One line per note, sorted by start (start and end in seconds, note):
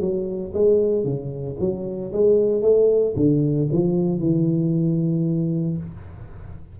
0.00 0.53 F#3
0.53 1.04 G#3
1.04 1.56 C#3
1.59 2.12 F#3
2.12 2.61 G#3
2.61 3.14 A3
3.16 3.68 D3
3.71 4.19 F3
4.19 5.77 E3